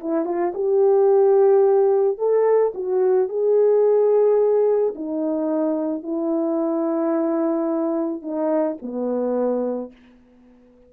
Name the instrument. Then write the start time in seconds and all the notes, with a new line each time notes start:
horn
0.00 E4
0.25 F4
0.54 G4
2.18 A4
2.74 F#4
3.29 G#4
4.95 D#4
6.03 E4
8.22 D#4
8.82 B3